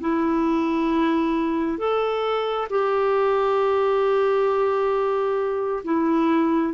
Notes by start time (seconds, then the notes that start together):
0.00 E4
1.78 A4
2.70 G4
5.84 E4